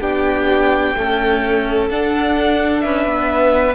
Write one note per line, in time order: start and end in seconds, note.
0.00 0.94 B3
0.00 0.95 D4
0.00 0.94 G4
0.00 1.89 G5
0.95 1.89 A3
0.95 1.90 C#4
0.95 2.83 A4
1.90 2.83 D4
1.90 3.74 D4
1.90 2.80 F#5
2.80 3.04 C#4
2.80 3.74 B4
2.80 3.74 E5
3.04 3.74 B3